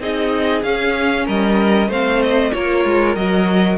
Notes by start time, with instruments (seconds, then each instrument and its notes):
0.00 cello C4, viola D#4, violin G#4 D#5
0.63 cello C#4, viola C#4, violin F5
1.26 cello G3, violin A#4 D#5
1.88 cello A3, viola C4, violin C5 F5
2.23 violin D#5
2.53 cello A#3, viola F4, violin A#4 C#5
2.85 cello G#3
3.16 cello F#3, viola F#4, violin D#5